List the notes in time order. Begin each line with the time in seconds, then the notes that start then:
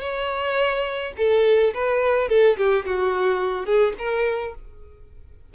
0.00 C#5
1.17 A4
1.74 B4
2.29 A4
2.57 G4
2.85 F#4
3.65 G#4
3.98 A#4